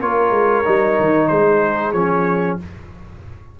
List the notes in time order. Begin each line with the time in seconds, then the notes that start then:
0.00 A#3 F4 A#4 C#5
0.31 G#3
0.65 G3 D#4
1.00 D#3
1.28 G#3 G#4 C5
1.93 F3 C#4 C#5